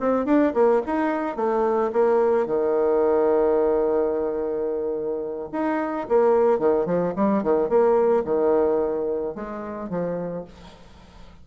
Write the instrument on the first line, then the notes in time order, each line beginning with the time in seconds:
bassoon
0.00 C4
0.26 D4
0.54 A#3
0.87 D#4
1.36 A3
1.93 A#3
2.46 D#3
5.52 D#4
6.09 A#3
6.59 D#3
6.86 F3
7.16 G3
7.43 D#3
7.69 A#3
8.25 D#3
9.35 G#3
9.90 F3